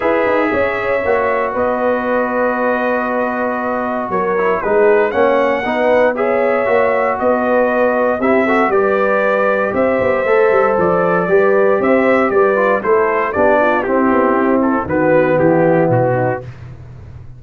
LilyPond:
<<
  \new Staff \with { instrumentName = "trumpet" } { \time 4/4 \tempo 4 = 117 e''2. dis''4~ | dis''1 | cis''4 b'4 fis''2 | e''2 dis''2 |
e''4 d''2 e''4~ | e''4 d''2 e''4 | d''4 c''4 d''4 g'4~ | g'8 a'8 b'4 g'4 fis'4 | }
  \new Staff \with { instrumentName = "horn" } { \time 4/4 b'4 cis''2 b'4~ | b'1 | ais'4 gis'4 cis''4 b'4 | cis''2 b'2 |
g'8 a'8 b'2 c''4~ | c''2 b'4 c''4 | b'4 a'4 g'8 f'8 e'4~ | e'4 fis'4 e'4. dis'8 | }
  \new Staff \with { instrumentName = "trombone" } { \time 4/4 gis'2 fis'2~ | fis'1~ | fis'8 e'8 dis'4 cis'4 dis'4 | gis'4 fis'2. |
e'8 fis'8 g'2. | a'2 g'2~ | g'8 f'8 e'4 d'4 c'4~ | c'4 b2. | }
  \new Staff \with { instrumentName = "tuba" } { \time 4/4 e'8 dis'8 cis'4 ais4 b4~ | b1 | fis4 gis4 ais4 b4~ | b4 ais4 b2 |
c'4 g2 c'8 b8 | a8 g8 f4 g4 c'4 | g4 a4 b4 c'8 b8 | c'4 dis4 e4 b,4 | }
>>